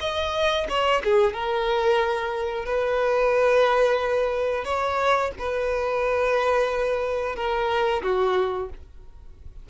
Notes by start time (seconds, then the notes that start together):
0.00 D#5
0.69 C#5
1.04 G#4
1.33 A#4
2.65 B4
4.65 C#5
5.38 B4
7.35 A#4
8.02 F#4